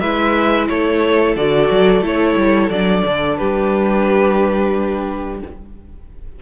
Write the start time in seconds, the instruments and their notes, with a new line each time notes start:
0.00 cello G#3, viola E4, violin B4 E5
0.68 cello A3, violin A4 C#5
1.36 cello D3, viola F#4, violin D5
1.71 cello F#3
2.01 cello A3, viola E4, violin C#5
2.36 cello G3
2.70 cello F#3, viola D4, violin D5
3.05 cello D3
3.37 cello G3, violin G4 B4